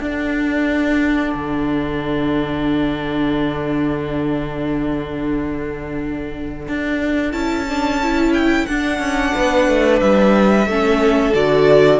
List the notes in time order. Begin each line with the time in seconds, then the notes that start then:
0.00 D4 A4 F#5
1.34 D3
6.68 D4
7.32 C#4 E4 A5
7.69 D4
8.03 E4
8.34 G5
8.67 D4 F#5
8.99 C#4
9.35 B3 B4
9.68 A3
10.00 G3 E5
10.67 A3 C#4 A4
11.34 D3 F#4 D5